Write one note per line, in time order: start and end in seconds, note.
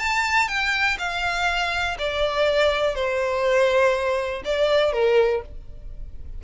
0.00 0.49 A5
0.49 0.98 G5
0.99 1.97 F5
1.99 2.96 D5
2.96 4.43 C5
4.45 4.93 D5
4.93 5.42 A#4